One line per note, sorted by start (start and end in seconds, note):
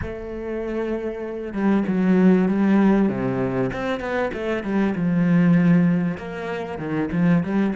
0.01 1.52 A3
1.52 1.83 G3
1.87 2.48 F#3
2.48 3.08 G3
3.08 3.70 C3
3.72 4.00 C4
4.00 4.30 B3
4.33 4.63 A3
4.63 4.94 G3
4.95 6.17 F3
6.17 6.78 A#3
6.78 7.09 D#3
7.12 7.43 F3
7.43 7.73 G3